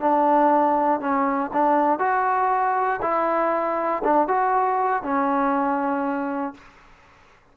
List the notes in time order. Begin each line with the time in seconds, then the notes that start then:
0.00 D4
1.00 C#4
1.53 D4
1.99 F#4
3.02 E4
4.04 D4
4.28 F#4
5.03 C#4